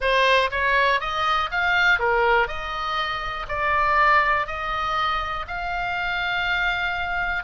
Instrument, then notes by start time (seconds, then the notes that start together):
oboe
0.00 C5
0.50 C#5
1.00 D#5
1.51 F5
1.99 A#4
2.47 D#5
3.48 D5
4.47 D#5
5.47 F5